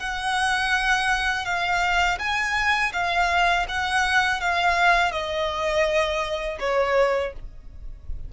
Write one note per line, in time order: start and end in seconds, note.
0.00 1.45 F#5
1.45 2.19 F5
2.19 2.92 G#5
2.93 3.66 F5
3.69 4.40 F#5
4.40 5.12 F5
5.12 6.58 D#5
6.60 7.33 C#5